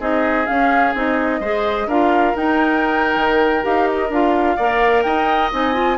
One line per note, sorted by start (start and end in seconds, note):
0.00 0.47 C4
0.00 0.47 D#4
0.00 1.41 G#4
0.00 0.47 D#5
0.47 0.93 C#4
0.47 0.95 C#4
0.47 0.94 F5
0.95 1.40 C4
0.95 1.42 D#4
0.95 1.89 D#5
1.40 1.87 G#3
1.40 1.89 G#4
1.40 1.87 C5
1.87 2.34 D4
1.87 2.36 F4
1.87 4.56 A#4
1.87 2.36 F5
2.36 3.62 D#4
2.36 3.16 D#4
2.36 3.65 G5
3.16 3.63 D#3
3.62 4.10 D#4
3.62 4.09 G4
3.62 3.88 F5
3.88 4.11 D#5
4.10 4.57 D4
4.10 4.59 F4
4.10 5.03 F5
4.56 5.05 A#3
4.56 5.53 A#4
4.56 5.03 D5
5.03 5.52 D#4
5.03 5.98 D#5
5.03 5.50 G5
5.52 5.98 C4
5.52 5.74 D#4
5.52 5.98 G#5
5.74 5.97 F4